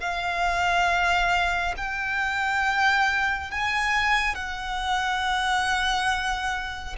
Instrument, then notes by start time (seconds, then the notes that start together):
violin
0.00 F5
1.77 G5
3.51 G#5
4.35 F#5